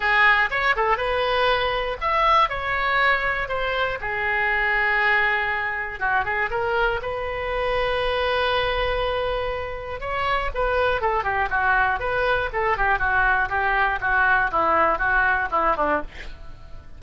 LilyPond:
\new Staff \with { instrumentName = "oboe" } { \time 4/4 \tempo 4 = 120 gis'4 cis''8 a'8 b'2 | e''4 cis''2 c''4 | gis'1 | fis'8 gis'8 ais'4 b'2~ |
b'1 | cis''4 b'4 a'8 g'8 fis'4 | b'4 a'8 g'8 fis'4 g'4 | fis'4 e'4 fis'4 e'8 d'8 | }